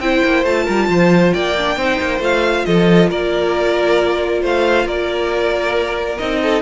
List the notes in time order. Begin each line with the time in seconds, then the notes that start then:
0.00 C4 E4 C5 G5
0.25 A#3
0.45 A3 F4 A5
0.65 G3 A#4
0.89 F3 C5
1.33 A#3 D5 G5
1.58 D4
1.77 C4 D#4 C5
2.01 A#3
2.20 A3 F4 F5
2.66 F3 A4 D#5
3.10 A#3 A#4 D5
4.42 A3 C5 F5
4.86 A#3 A#4 D5
6.19 C4 D#4 D#5
6.43 A4